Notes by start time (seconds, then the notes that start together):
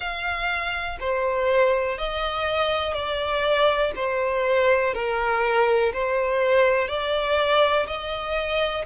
0.00 F5
1.00 C5
1.98 D#5
2.93 D5
3.95 C5
4.94 A#4
5.93 C5
6.88 D5
7.86 D#5